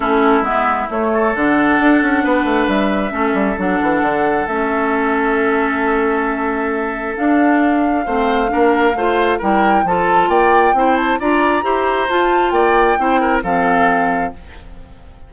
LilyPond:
<<
  \new Staff \with { instrumentName = "flute" } { \time 4/4 \tempo 4 = 134 a'4 e''4 cis''4 fis''4~ | fis''2 e''2 | fis''2 e''2~ | e''1 |
f''1~ | f''4 g''4 a''4 g''4~ | g''8 a''8 ais''2 a''4 | g''2 f''2 | }
  \new Staff \with { instrumentName = "oboe" } { \time 4/4 e'2~ e'8 a'4.~ | a'4 b'2 a'4~ | a'1~ | a'1~ |
a'2 c''4 ais'4 | c''4 ais'4 a'4 d''4 | c''4 d''4 c''2 | d''4 c''8 ais'8 a'2 | }
  \new Staff \with { instrumentName = "clarinet" } { \time 4/4 cis'4 b4 a4 d'4~ | d'2. cis'4 | d'2 cis'2~ | cis'1 |
d'2 c'4 d'4 | f'4 e'4 f'2 | e'4 f'4 g'4 f'4~ | f'4 e'4 c'2 | }
  \new Staff \with { instrumentName = "bassoon" } { \time 4/4 a4 gis4 a4 d4 | d'8 cis'8 b8 a8 g4 a8 g8 | fis8 e8 d4 a2~ | a1 |
d'2 a4 ais4 | a4 g4 f4 ais4 | c'4 d'4 e'4 f'4 | ais4 c'4 f2 | }
>>